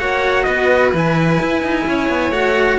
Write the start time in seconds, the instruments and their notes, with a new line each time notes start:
0.00 cello A#3 F#4, violin C#5, trumpet F#5
0.44 cello B3, violin B4, trumpet D#5
0.93 cello E3 E4, trumpet G#5
1.41 cello E4
1.63 cello D#4
1.87 cello C#4, violin C#5
2.09 cello B3
2.31 cello A3 F#4, trumpet F#5